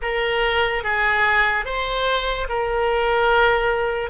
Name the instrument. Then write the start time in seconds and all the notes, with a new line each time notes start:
oboe
0.01 A#4
0.83 G#4
1.65 C5
2.48 A#4